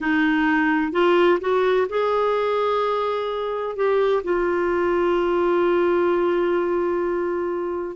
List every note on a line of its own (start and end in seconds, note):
0.00 0.92 D#4
0.92 1.39 F4
1.40 1.87 F#4
1.89 3.75 G#4
3.75 4.22 G4
4.23 7.96 F4